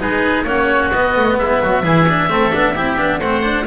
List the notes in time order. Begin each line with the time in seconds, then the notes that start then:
0.00 G#3 D#4 G#4 B4
0.44 A#3 C#4 F#4 C#5
0.92 B3 D#5
1.16 A3
1.38 G#3 E4 E5
1.62 F#3 F#4
1.83 E3 E4 G#4
2.08 D4
2.29 A3 C4 A4
2.52 B3 D4
2.75 C4 E4 G4
2.97 B3 D4
3.19 A3 C4 C5 F#5
3.43 D4